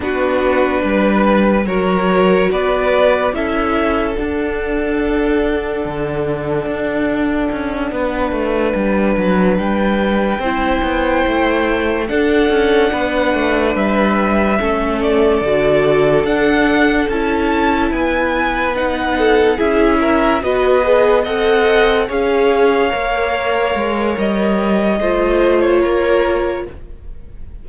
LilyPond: <<
  \new Staff \with { instrumentName = "violin" } { \time 4/4 \tempo 4 = 72 b'2 cis''4 d''4 | e''4 fis''2.~ | fis''2.~ fis''8 g''8~ | g''2~ g''8 fis''4.~ |
fis''8 e''4. d''4. fis''8~ | fis''8 a''4 gis''4 fis''4 e''8~ | e''8 dis''4 fis''4 f''4.~ | f''4 dis''4.~ dis''16 cis''4~ cis''16 | }
  \new Staff \with { instrumentName = "violin" } { \time 4/4 fis'4 b'4 ais'4 b'4 | a'1~ | a'4. b'2~ b'8~ | b'8 c''2 a'4 b'8~ |
b'4. a'2~ a'8~ | a'4. b'4. a'8 gis'8 | ais'8 b'4 dis''4 cis''4.~ | cis''2 c''4 ais'4 | }
  \new Staff \with { instrumentName = "viola" } { \time 4/4 d'2 fis'2 | e'4 d'2.~ | d'1~ | d'8 e'2 d'4.~ |
d'4. cis'4 fis'4 d'8~ | d'8 e'2 dis'4 e'8~ | e'8 fis'8 gis'8 a'4 gis'4 ais'8~ | ais'2 f'2 | }
  \new Staff \with { instrumentName = "cello" } { \time 4/4 b4 g4 fis4 b4 | cis'4 d'2 d4 | d'4 cis'8 b8 a8 g8 fis8 g8~ | g8 c'8 b8 a4 d'8 cis'8 b8 |
a8 g4 a4 d4 d'8~ | d'8 cis'4 b2 cis'8~ | cis'8 b4 c'4 cis'4 ais8~ | ais8 gis8 g4 a4 ais4 | }
>>